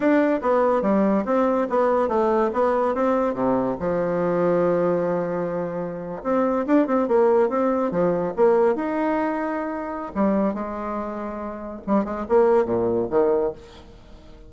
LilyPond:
\new Staff \with { instrumentName = "bassoon" } { \time 4/4 \tempo 4 = 142 d'4 b4 g4 c'4 | b4 a4 b4 c'4 | c4 f2.~ | f2~ f8. c'4 d'16~ |
d'16 c'8 ais4 c'4 f4 ais16~ | ais8. dis'2.~ dis'16 | g4 gis2. | g8 gis8 ais4 ais,4 dis4 | }